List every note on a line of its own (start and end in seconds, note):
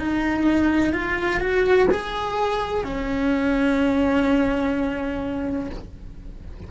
0.00 0.93 D#4
0.93 1.40 F4
1.40 1.87 F#4
1.91 2.84 G#4
2.84 5.70 C#4